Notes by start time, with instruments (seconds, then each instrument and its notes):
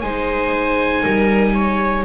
0.00 double bass G#3, viola D#4 C5, oboe G#5
1.02 double bass G3, viola A#4
1.54 viola C#5